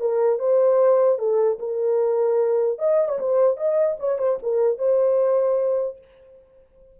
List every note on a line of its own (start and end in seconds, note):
0.00 0.39 A#4
0.39 1.18 C5
1.18 1.58 A4
1.59 2.79 A#4
2.79 3.08 D#5
3.08 3.18 C#5
3.19 3.57 C5
3.57 3.97 D#5
3.99 4.18 C#5
4.18 4.38 C5
4.42 4.78 A#4
4.78 5.98 C5